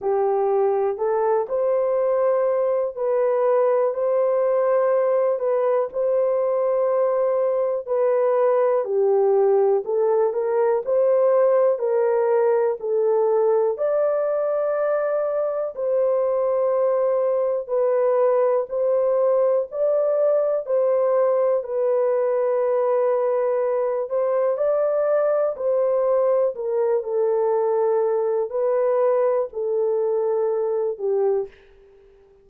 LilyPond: \new Staff \with { instrumentName = "horn" } { \time 4/4 \tempo 4 = 61 g'4 a'8 c''4. b'4 | c''4. b'8 c''2 | b'4 g'4 a'8 ais'8 c''4 | ais'4 a'4 d''2 |
c''2 b'4 c''4 | d''4 c''4 b'2~ | b'8 c''8 d''4 c''4 ais'8 a'8~ | a'4 b'4 a'4. g'8 | }